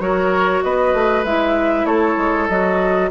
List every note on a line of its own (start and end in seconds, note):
0.00 0.62 F#3
0.00 1.24 F#4
0.00 0.65 A#4
0.00 0.63 C#5
0.63 0.94 B3
0.63 1.87 B4
0.63 1.25 D#5
0.94 1.25 A3
1.25 1.85 G#3
1.25 2.50 E4
1.25 1.86 E5
1.85 2.16 A3
1.85 3.11 A4
1.85 2.48 C#5
2.18 2.49 G#3
2.49 3.11 F#3
2.49 3.11 F#4
2.49 3.10 D#5